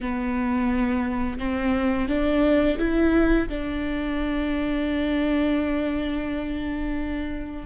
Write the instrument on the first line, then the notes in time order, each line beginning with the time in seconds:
viola
0.01 B3
1.38 C4
2.08 D4
2.78 E4
3.49 D4